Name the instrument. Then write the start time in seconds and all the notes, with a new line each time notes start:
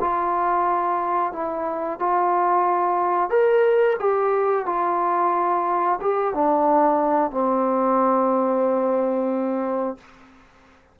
trombone
0.00 F4
1.32 E4
1.99 F4
3.30 A#4
3.99 G4
4.66 F4
6.01 G4
6.34 D4
7.31 C4